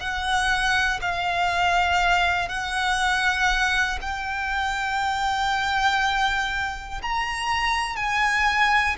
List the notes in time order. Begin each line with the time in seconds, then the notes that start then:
0.00 F#5
1.02 F5
2.49 F#5
4.02 G5
7.02 A#5
7.96 G#5